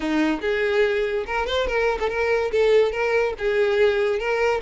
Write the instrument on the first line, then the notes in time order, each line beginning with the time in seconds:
violin
0.00 D#4
0.41 G#4
1.26 A#4
1.46 C5
1.67 A#4
1.99 A4
2.09 A#4
2.51 A4
2.91 A#4
3.38 G#4
4.19 A#4